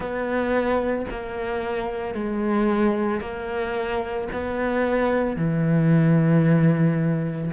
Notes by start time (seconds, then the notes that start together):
0.00 B3
1.10 A#3
2.14 G#3
3.20 A#3
4.32 B3
5.36 E3